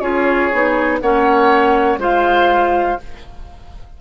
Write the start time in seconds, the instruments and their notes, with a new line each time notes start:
0.00 bassoon C#4, clarinet F4, oboe G#4, flute C#5
0.52 bassoon B3, clarinet D#4
1.00 bassoon A#3, clarinet C#4, oboe C#5, flute F#5
1.97 bassoon G#3, clarinet F4, oboe C5, flute F5